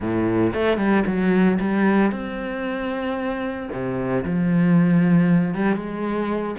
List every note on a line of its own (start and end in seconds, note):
0.00 0.53 A2
0.53 0.77 A3
0.77 1.03 G3
1.06 1.58 F#3
1.60 2.11 G3
2.11 3.69 C4
3.72 4.24 C3
4.25 5.54 F3
5.54 5.76 G3
5.76 6.55 G#3